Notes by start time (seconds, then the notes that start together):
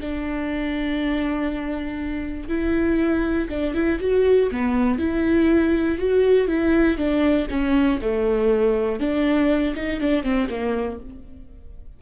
0.00 D4
2.48 E4
3.49 D4
3.74 E4
4.00 F#4
4.51 B3
4.98 E4
5.98 F#4
6.47 E4
6.97 D4
7.50 C#4
8.01 A3
8.99 D4
9.75 D#4
10.00 D4
10.23 C4
10.49 A#3